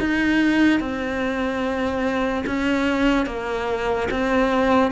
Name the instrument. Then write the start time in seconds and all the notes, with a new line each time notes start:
cello
0.00 D#4
0.80 C4
2.47 C#4
3.27 A#3
4.11 C4